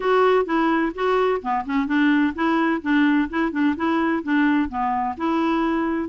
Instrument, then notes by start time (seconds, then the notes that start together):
clarinet
0.00 F#4
0.45 E4
0.94 F#4
1.41 B3
1.65 C#4
1.86 D4
2.34 E4
2.81 D4
3.29 E4
3.51 D4
3.76 E4
4.23 D4
4.68 B3
5.17 E4